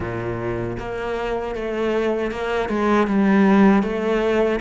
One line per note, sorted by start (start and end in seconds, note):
0.00 0.77 A#2
0.79 1.55 A#3
1.55 2.31 A3
2.31 2.69 A#3
2.69 3.07 G#3
3.07 3.82 G3
3.82 4.59 A3